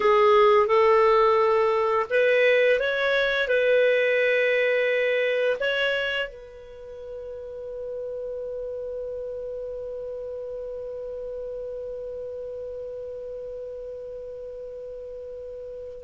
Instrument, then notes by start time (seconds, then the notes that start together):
clarinet
0.00 G#4
0.66 A4
2.10 B4
2.79 C#5
3.48 B4
5.59 C#5
6.28 B4